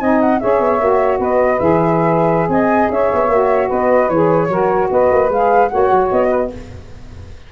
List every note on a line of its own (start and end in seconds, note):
0.00 0.41 C4
0.00 0.41 D#4
0.00 0.40 D#5
0.00 0.20 G#5
0.20 0.39 F#5
0.39 0.60 C#4
0.39 0.79 G#4
0.39 1.19 C#5
0.39 1.19 E5
0.60 0.80 B3
0.79 1.19 A#3
0.79 1.59 F#4
1.19 1.59 B3
1.19 2.49 B4
1.19 1.59 D#5
1.59 2.48 E3
1.59 3.29 G#4
1.59 2.49 E5
2.48 2.88 C4
2.48 2.91 D#5
2.48 2.90 G#5
2.90 3.10 C#4
2.90 3.67 C#5
2.90 3.70 E5
3.13 3.28 B3
3.28 3.68 A#3
3.28 4.10 F#4
3.67 4.09 B3
3.67 4.47 B4
3.67 4.09 D#5
4.09 4.48 E3
4.09 4.49 G#4
4.09 4.89 C#5
4.48 4.88 F#3
4.48 5.29 F#4
4.48 4.90 A#4
4.91 5.11 B3
4.91 5.71 B4
4.91 5.31 D#5
5.12 5.29 A#3
5.29 5.69 G#3
5.29 5.71 G#4
5.29 5.68 F5
5.68 5.91 A#3
5.68 6.51 F#4
5.68 6.28 C#5
5.68 6.08 F#5
5.91 6.11 F#3
6.11 6.52 B3
6.11 6.51 D#5
6.28 6.48 B4